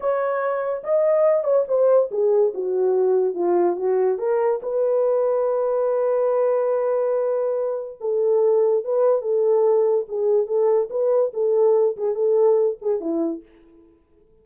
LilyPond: \new Staff \with { instrumentName = "horn" } { \time 4/4 \tempo 4 = 143 cis''2 dis''4. cis''8 | c''4 gis'4 fis'2 | f'4 fis'4 ais'4 b'4~ | b'1~ |
b'2. a'4~ | a'4 b'4 a'2 | gis'4 a'4 b'4 a'4~ | a'8 gis'8 a'4. gis'8 e'4 | }